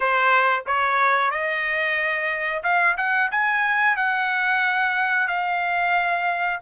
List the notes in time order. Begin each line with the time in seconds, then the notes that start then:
0.00 C5
0.66 C#5
1.30 D#5
2.63 F5
2.97 F#5
3.31 G#5
3.96 F#5
5.27 F5